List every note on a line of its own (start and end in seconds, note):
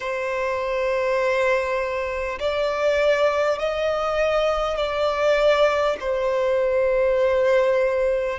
0.00 2.38 C5
2.39 3.58 D5
3.58 4.77 D#5
4.77 5.97 D5
6.00 8.39 C5